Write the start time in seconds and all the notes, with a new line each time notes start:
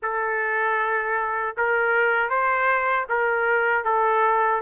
0.02 A4
1.57 A#4
2.29 C5
3.09 A#4
3.84 A4